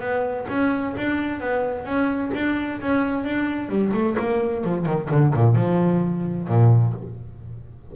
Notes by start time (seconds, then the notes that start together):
0.00 B3
0.48 C#4
0.97 D4
1.40 B3
1.85 C#4
2.34 D4
2.81 C#4
3.24 D4
3.69 G3
3.93 A3
4.19 A#3
4.64 F3
4.86 D#3
5.11 D3
5.35 A#2
5.55 F3
6.48 A#2